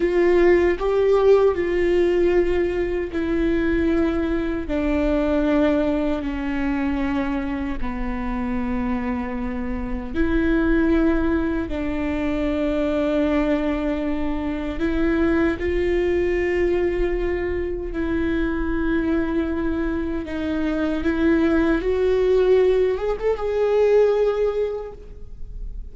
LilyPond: \new Staff \with { instrumentName = "viola" } { \time 4/4 \tempo 4 = 77 f'4 g'4 f'2 | e'2 d'2 | cis'2 b2~ | b4 e'2 d'4~ |
d'2. e'4 | f'2. e'4~ | e'2 dis'4 e'4 | fis'4. gis'16 a'16 gis'2 | }